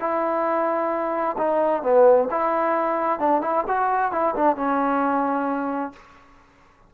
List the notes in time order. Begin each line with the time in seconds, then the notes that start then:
0.00 E4
1.38 D#4
1.83 B3
2.31 E4
3.19 D4
3.42 E4
3.67 F#4
4.12 E4
4.36 D4
4.56 C#4